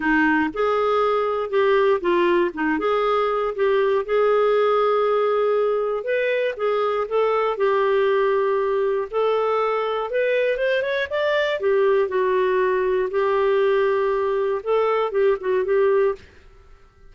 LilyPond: \new Staff \with { instrumentName = "clarinet" } { \time 4/4 \tempo 4 = 119 dis'4 gis'2 g'4 | f'4 dis'8 gis'4. g'4 | gis'1 | b'4 gis'4 a'4 g'4~ |
g'2 a'2 | b'4 c''8 cis''8 d''4 g'4 | fis'2 g'2~ | g'4 a'4 g'8 fis'8 g'4 | }